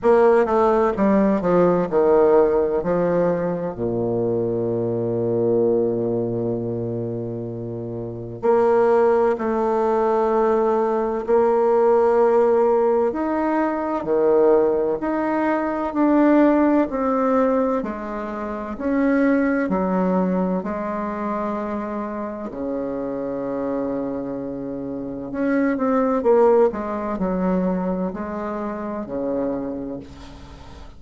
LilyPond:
\new Staff \with { instrumentName = "bassoon" } { \time 4/4 \tempo 4 = 64 ais8 a8 g8 f8 dis4 f4 | ais,1~ | ais,4 ais4 a2 | ais2 dis'4 dis4 |
dis'4 d'4 c'4 gis4 | cis'4 fis4 gis2 | cis2. cis'8 c'8 | ais8 gis8 fis4 gis4 cis4 | }